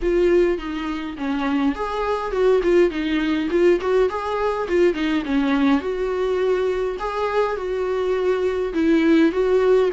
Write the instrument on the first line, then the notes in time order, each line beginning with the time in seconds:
viola
0.02 F4
0.58 D#4
1.17 C#4
1.75 G#4
2.31 F#4
2.63 F4
2.90 D#4
3.50 F4
3.80 F#4
4.09 G#4
4.68 F4
4.94 D#4
5.25 C#4
5.80 F#4
6.99 G#4
7.56 F#4
8.73 E4
9.32 F#4